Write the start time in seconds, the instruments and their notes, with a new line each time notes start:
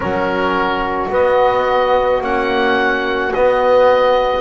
0.00 double bass F#3, trombone C#4, saxophone F#4, oboe A#4
1.09 double bass B3, trombone B3, oboe D#5
2.20 double bass A#3, trombone C#4, oboe F#5
3.33 trombone B3, double bass B3, oboe D#5